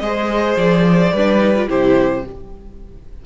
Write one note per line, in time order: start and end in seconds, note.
0.00 0.56 G#3
0.00 1.14 G#4
0.00 1.13 C5
0.00 0.56 D#5
0.57 1.12 F3
0.57 1.69 D5
1.13 1.68 G3
1.13 1.39 D4
1.13 1.69 B4
1.39 1.53 D#4
1.56 1.68 F4
1.68 2.25 C3
1.68 2.24 E4
1.68 2.24 G4
1.68 2.26 C5